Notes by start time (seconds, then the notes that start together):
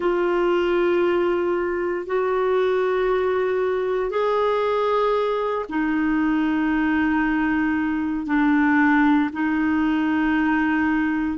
0.00 F4
2.06 F#4
4.10 G#4
5.69 D#4
8.26 D4
9.32 D#4